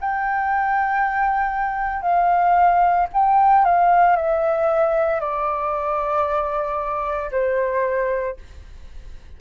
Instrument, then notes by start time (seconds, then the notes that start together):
flute
0.00 G5
2.02 F5
3.13 G5
3.65 F5
4.16 E5
5.20 D5
7.31 C5